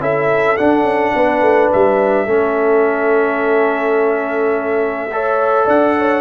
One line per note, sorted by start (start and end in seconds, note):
0.00 0.57 C#4
0.00 0.57 E4
0.00 1.14 A4
0.00 0.57 E5
0.57 2.27 D4
0.57 0.83 D4
0.57 1.70 F#5
0.83 1.12 C#4
1.14 1.41 B3
1.14 2.26 B4
1.41 1.70 A3
1.73 2.27 G3
1.73 5.69 E5
2.26 5.66 A3
2.26 5.10 C#4
2.26 5.09 A4
5.12 6.21 A4
5.12 5.65 C#5
5.65 6.21 D4
5.65 5.94 D5
5.65 6.21 F#5
5.98 6.21 C#5